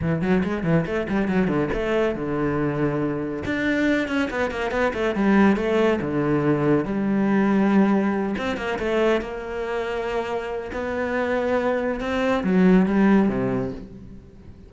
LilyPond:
\new Staff \with { instrumentName = "cello" } { \time 4/4 \tempo 4 = 140 e8 fis8 gis8 e8 a8 g8 fis8 d8 | a4 d2. | d'4. cis'8 b8 ais8 b8 a8 | g4 a4 d2 |
g2.~ g8 c'8 | ais8 a4 ais2~ ais8~ | ais4 b2. | c'4 fis4 g4 c4 | }